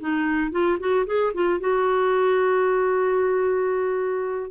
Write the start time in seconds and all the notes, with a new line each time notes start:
0.00 D#4
0.51 F4
0.79 F#4
1.06 G#4
1.34 F4
1.60 F#4